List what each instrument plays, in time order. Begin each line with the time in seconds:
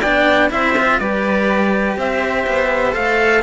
0.00 cello B3 D4, violin D5, trumpet G5
0.50 cello C4 E4, violin C5, trumpet E5
0.78 cello F4
0.99 cello G3 G4, violin B4, trumpet D5
1.96 cello C4, violin C5, trumpet E5
2.46 cello B3
2.92 cello A3 A4, trumpet F5